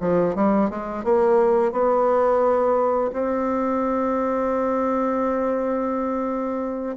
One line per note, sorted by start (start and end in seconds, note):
0.00 0.35 F3
0.35 0.70 G3
0.70 1.04 G#3
1.04 1.72 A#3
1.72 3.11 B3
3.13 6.97 C4